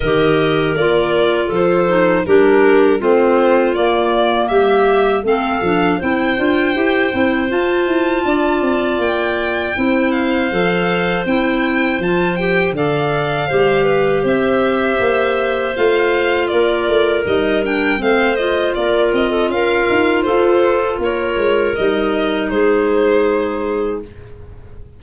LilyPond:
<<
  \new Staff \with { instrumentName = "violin" } { \time 4/4 \tempo 4 = 80 dis''4 d''4 c''4 ais'4 | c''4 d''4 e''4 f''4 | g''2 a''2 | g''4. f''4. g''4 |
a''8 g''8 f''2 e''4~ | e''4 f''4 d''4 dis''8 g''8 | f''8 dis''8 d''8 dis''8 f''4 c''4 | cis''4 dis''4 c''2 | }
  \new Staff \with { instrumentName = "clarinet" } { \time 4/4 ais'2 a'4 g'4 | f'2 g'4 a'4 | c''2. d''4~ | d''4 c''2.~ |
c''4 d''4 c''8 b'8 c''4~ | c''2 ais'2 | c''4 ais'8. a'16 ais'4 a'4 | ais'2 gis'2 | }
  \new Staff \with { instrumentName = "clarinet" } { \time 4/4 g'4 f'4. dis'8 d'4 | c'4 ais2 c'8 d'8 | e'8 f'8 g'8 e'8 f'2~ | f'4 e'4 a'4 e'4 |
f'8 g'8 a'4 g'2~ | g'4 f'2 dis'8 d'8 | c'8 f'2.~ f'8~ | f'4 dis'2. | }
  \new Staff \with { instrumentName = "tuba" } { \time 4/4 dis4 ais4 f4 g4 | a4 ais4 g4 a8 f8 | c'8 d'8 e'8 c'8 f'8 e'8 d'8 c'8 | ais4 c'4 f4 c'4 |
f4 d4 g4 c'4 | ais4 a4 ais8 a8 g4 | a4 ais8 c'8 cis'8 dis'8 f'4 | ais8 gis8 g4 gis2 | }
>>